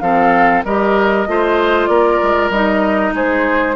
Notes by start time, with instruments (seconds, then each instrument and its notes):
0.00 bassoon F3, clarinet C4, oboe A4, flute F5
0.64 bassoon G3, clarinet G4, oboe A#4, flute D#5
1.27 bassoon A3, clarinet F4, oboe C5
1.87 bassoon A#3, oboe A#4, flute D5
2.23 bassoon G#3
2.49 bassoon G3, clarinet D#4, flute D#5
3.14 bassoon G#3, oboe G#4, flute C5